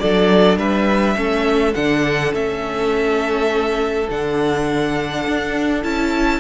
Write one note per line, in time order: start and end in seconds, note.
0.00 0.58 F#3
0.00 1.16 D4
0.00 0.59 A4
0.00 0.58 D5
0.58 1.16 G3
0.58 1.17 B4
0.58 1.74 E5
1.16 1.75 A3
1.16 1.74 C#4
1.16 6.40 A4
1.74 2.33 D3
1.74 2.33 D4
1.74 2.33 F#5
2.33 4.08 A3
2.33 4.08 C#4
2.33 4.10 E5
4.10 5.26 D3
4.10 5.83 D4
4.10 5.83 F#5
5.27 5.84 D4
5.83 6.40 C#4
5.83 6.40 E4
5.83 6.40 A5